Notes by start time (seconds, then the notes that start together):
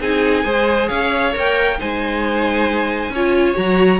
0.00 C4 D#4 G#4 G#5
0.44 G#3 G#4 C5
0.88 C#4 C#5 F5
1.33 A#3 A#4 G5
1.78 G#3 D#4 C5 G#5
3.10 C#4 F4 C#5
3.54 F#3 F#4 A#5